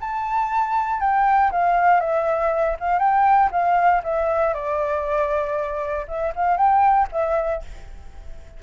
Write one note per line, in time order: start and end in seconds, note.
0.00 1.00 A5
1.00 1.51 G5
1.51 2.00 F5
2.00 2.76 E5
2.80 2.99 F5
2.99 3.50 G5
3.51 4.02 F5
4.03 4.54 E5
4.54 6.06 D5
6.08 6.33 E5
6.35 6.57 F5
6.57 7.07 G5
7.12 7.62 E5